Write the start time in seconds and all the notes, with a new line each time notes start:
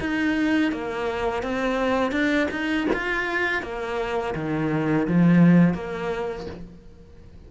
0.00 D#4
0.72 A#3
1.43 C4
2.12 D4
2.51 D#4
2.93 F4
3.62 A#3
4.35 D#3
5.08 F3
5.74 A#3